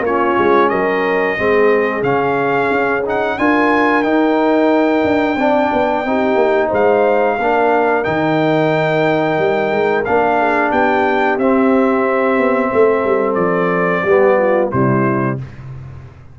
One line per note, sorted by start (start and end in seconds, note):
0.00 0.33 A#3
0.00 1.38 C#4
0.00 0.70 F4
0.00 0.69 C#5
0.38 0.71 G#3
0.69 1.38 F#3
0.69 1.37 A#4
0.69 2.02 D#5
1.37 2.02 G#3
1.37 2.03 C4
1.37 3.37 G#4
2.02 2.69 C#3
2.02 3.03 C#4
2.02 3.03 F5
2.71 3.37 C#4
3.06 3.39 D#4
3.06 3.38 F#5
3.38 4.04 D4
3.38 4.03 F4
3.38 5.40 A#4
3.38 4.03 G#5
4.03 5.37 D#4
4.03 5.04 D#4
4.03 6.69 G5
5.04 5.36 D4
5.36 5.69 C4
5.36 6.06 D4
5.36 6.06 D5
5.73 6.04 B3
6.04 6.35 C4
6.04 7.39 D#4
6.04 6.68 G4
6.35 6.68 A#3
6.68 7.38 G#3
6.68 7.35 C5
6.68 8.04 F5
7.38 8.05 A#3
7.38 8.04 D4
7.38 10.38 A#4
8.04 9.38 D#3
8.04 10.04 D#4
8.04 10.04 G5
9.38 9.71 G3
9.71 10.04 G#3
10.05 10.72 A#3
10.05 11.39 D4
10.05 10.71 F5
10.38 10.70 G#4
10.70 11.38 B3
10.70 12.70 G4
10.70 11.38 G5
11.38 12.38 C4
11.38 14.07 C4
11.38 13.34 E5
12.38 12.71 B3
12.72 13.04 A3
12.72 14.03 A4
13.04 13.36 G3
13.34 14.03 F3
13.34 14.67 D5
14.03 14.71 G3
14.03 14.72 B3
14.03 14.36 G4
14.38 14.71 F4
14.71 15.39 C3
14.71 15.38 G3
14.71 15.37 E4
14.71 15.38 C5